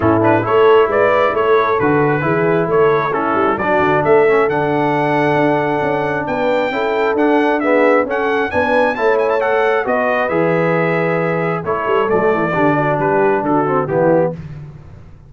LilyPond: <<
  \new Staff \with { instrumentName = "trumpet" } { \time 4/4 \tempo 4 = 134 a'8 b'8 cis''4 d''4 cis''4 | b'2 cis''4 a'4 | d''4 e''4 fis''2~ | fis''2 g''2 |
fis''4 e''4 fis''4 gis''4 | a''8 gis''16 a''16 fis''4 dis''4 e''4~ | e''2 cis''4 d''4~ | d''4 b'4 a'4 g'4 | }
  \new Staff \with { instrumentName = "horn" } { \time 4/4 e'4 a'4 b'4 a'4~ | a'4 gis'4 a'4 e'4 | fis'4 a'2.~ | a'2 b'4 a'4~ |
a'4 gis'4 a'4 b'4 | cis''2 b'2~ | b'2 a'2 | g'8 fis'8 g'4 fis'4 e'4 | }
  \new Staff \with { instrumentName = "trombone" } { \time 4/4 cis'8 d'8 e'2. | fis'4 e'2 cis'4 | d'4. cis'8 d'2~ | d'2. e'4 |
d'4 b4 cis'4 d'4 | e'4 a'4 fis'4 gis'4~ | gis'2 e'4 a4 | d'2~ d'8 c'8 b4 | }
  \new Staff \with { instrumentName = "tuba" } { \time 4/4 a,4 a4 gis4 a4 | d4 e4 a4. g8 | fis8 d8 a4 d2 | d'4 cis'4 b4 cis'4 |
d'2 cis'4 b4 | a2 b4 e4~ | e2 a8 g8 fis8 e8 | d4 g4 d4 e4 | }
>>